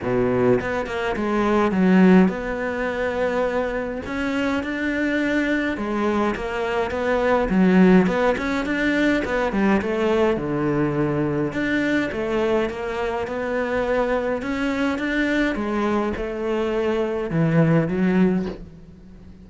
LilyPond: \new Staff \with { instrumentName = "cello" } { \time 4/4 \tempo 4 = 104 b,4 b8 ais8 gis4 fis4 | b2. cis'4 | d'2 gis4 ais4 | b4 fis4 b8 cis'8 d'4 |
b8 g8 a4 d2 | d'4 a4 ais4 b4~ | b4 cis'4 d'4 gis4 | a2 e4 fis4 | }